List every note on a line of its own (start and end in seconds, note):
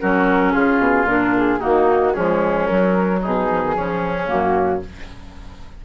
0.00 0.55 F#3
0.00 1.07 C#4
0.00 0.53 F#4
0.00 0.52 A#4
0.52 0.79 C#3
0.52 1.59 F4
0.52 1.06 G#4
0.79 1.04 B2
1.04 1.58 A#2
1.04 1.59 D4
1.04 1.35 A#4
1.37 1.60 G#4
1.59 2.16 D#3
1.59 2.13 A#3
1.59 2.13 D#4
1.59 2.13 F#4
2.13 2.70 F3
2.13 2.68 G#3
2.13 3.20 C#4
2.13 2.66 G#4
2.66 3.48 F#3
2.66 3.24 F#3
2.66 3.20 A#4
3.22 3.77 B2
3.22 3.75 D#4
3.22 4.27 G#4
3.50 3.61 F3
3.61 3.75 D#3
3.75 4.30 C#3
3.75 4.26 F3
3.75 4.82 C#4
4.26 4.84 F#2
4.26 4.80 A#3
4.26 4.80 F#4